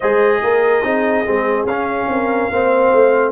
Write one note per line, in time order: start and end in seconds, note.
0.00 0.42 G#3
0.00 0.83 G#4
0.00 0.40 C5
0.00 1.65 D#5
0.42 0.83 A#3
0.42 0.84 A#4
0.83 1.25 C4
0.83 1.24 D#4
0.83 2.09 G#4
1.25 1.65 G#3
1.25 1.67 C4
1.65 2.06 C#4
1.65 2.51 C#4
1.65 3.31 F5
2.07 2.49 C4
2.07 2.53 A#4
2.50 2.91 A#3
2.50 3.31 C4
2.50 3.31 C5
2.92 3.31 A3